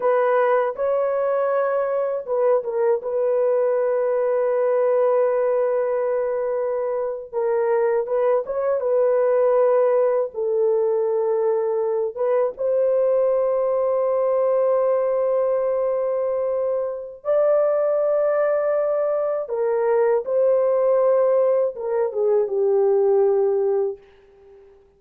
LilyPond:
\new Staff \with { instrumentName = "horn" } { \time 4/4 \tempo 4 = 80 b'4 cis''2 b'8 ais'8 | b'1~ | b'4.~ b'16 ais'4 b'8 cis''8 b'16~ | b'4.~ b'16 a'2~ a'16~ |
a'16 b'8 c''2.~ c''16~ | c''2. d''4~ | d''2 ais'4 c''4~ | c''4 ais'8 gis'8 g'2 | }